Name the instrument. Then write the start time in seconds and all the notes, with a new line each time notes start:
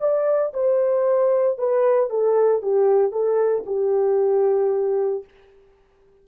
horn
0.00 D5
0.53 C5
1.58 B4
2.10 A4
2.62 G4
3.12 A4
3.66 G4